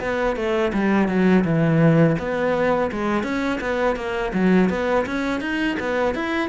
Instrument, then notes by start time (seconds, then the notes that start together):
cello
0.00 B3
0.36 A3
0.73 G3
1.08 F#3
1.44 E3
2.19 B3
2.92 G#3
3.23 C#4
3.61 B3
3.96 A#3
4.34 F#3
4.70 B3
5.06 C#4
5.41 D#4
5.80 B3
6.15 E4